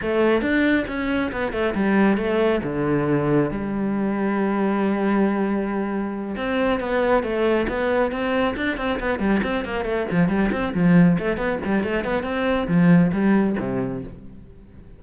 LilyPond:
\new Staff \with { instrumentName = "cello" } { \time 4/4 \tempo 4 = 137 a4 d'4 cis'4 b8 a8 | g4 a4 d2 | g1~ | g2~ g8 c'4 b8~ |
b8 a4 b4 c'4 d'8 | c'8 b8 g8 c'8 ais8 a8 f8 g8 | c'8 f4 a8 b8 g8 a8 b8 | c'4 f4 g4 c4 | }